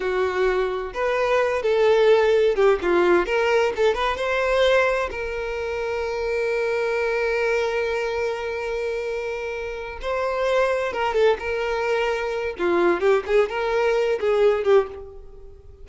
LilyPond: \new Staff \with { instrumentName = "violin" } { \time 4/4 \tempo 4 = 129 fis'2 b'4. a'8~ | a'4. g'8 f'4 ais'4 | a'8 b'8 c''2 ais'4~ | ais'1~ |
ais'1~ | ais'4. c''2 ais'8 | a'8 ais'2~ ais'8 f'4 | g'8 gis'8 ais'4. gis'4 g'8 | }